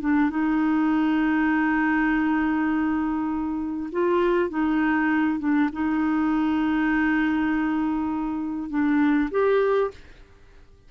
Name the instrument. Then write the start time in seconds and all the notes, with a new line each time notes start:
clarinet
0.00 D4
0.30 D#4
3.92 F4
4.49 D#4
5.39 D4
5.72 D#4
8.69 D4
9.31 G4